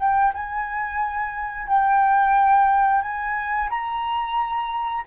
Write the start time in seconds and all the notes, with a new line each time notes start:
0.00 G5
0.34 G#5
1.68 G5
3.02 G#5
3.70 A#5